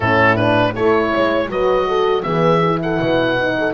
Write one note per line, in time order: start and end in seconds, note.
0.00 0.75 A2
0.00 0.36 C#4
0.00 0.73 E4
0.00 0.35 A4
0.35 0.74 D4
0.35 0.73 B4
0.74 1.13 A3
0.74 1.48 E4
0.74 1.11 A4
0.74 1.50 C#5
1.12 1.48 G#3
1.12 1.49 C#5
1.48 2.23 F#3
1.48 2.23 F#4
1.48 1.87 B4
1.48 2.23 D#5
1.87 2.24 A4
2.23 2.99 E3
2.23 2.60 B3
2.23 2.80 G#4
2.23 2.79 E5
2.65 3.38 E4
2.82 3.00 A4
2.82 3.74 F#5
2.99 3.74 B2
2.99 3.56 B4
3.38 3.74 D#4
3.58 3.74 A4